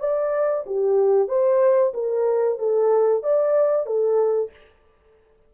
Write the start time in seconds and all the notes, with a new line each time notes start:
0.00 D5
0.67 G4
1.28 C5
1.94 A#4
2.59 A4
3.23 D5
3.87 A4